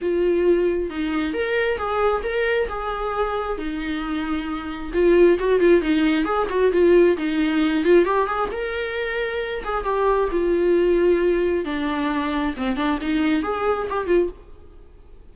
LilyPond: \new Staff \with { instrumentName = "viola" } { \time 4/4 \tempo 4 = 134 f'2 dis'4 ais'4 | gis'4 ais'4 gis'2 | dis'2. f'4 | fis'8 f'8 dis'4 gis'8 fis'8 f'4 |
dis'4. f'8 g'8 gis'8 ais'4~ | ais'4. gis'8 g'4 f'4~ | f'2 d'2 | c'8 d'8 dis'4 gis'4 g'8 f'8 | }